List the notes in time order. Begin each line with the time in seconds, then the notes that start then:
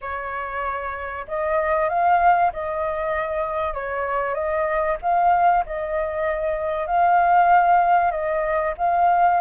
0.01 C#5
1.27 D#5
1.89 F5
2.53 D#5
3.74 C#5
4.34 D#5
5.02 F5
5.66 D#5
6.86 F5
8.11 D#5
8.77 F5